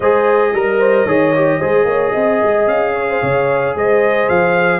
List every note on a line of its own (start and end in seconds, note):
0.00 0.53 G#3
0.00 0.54 G#4
0.00 0.53 C5
0.00 2.67 D#5
0.53 1.05 G3
0.53 0.79 A#4
0.53 1.07 A#4
0.79 1.05 C5
1.05 1.59 D#3
1.05 1.34 G#4
1.05 1.59 C#5
1.35 1.61 G4
1.59 1.85 G#3
1.59 4.80 G#4
1.59 1.86 C5
1.85 2.11 A#3
1.85 2.12 C#5
2.12 2.41 C4
2.12 2.92 D#5
2.43 2.67 G#3
2.67 3.21 C#4
2.67 3.74 F5
2.93 3.06 C#5
3.09 3.21 C5
3.21 3.75 C#3
3.21 3.75 C#5
3.75 4.28 G#3
3.75 4.80 C5
3.75 4.28 D#5
4.28 4.80 F3
4.28 4.80 F5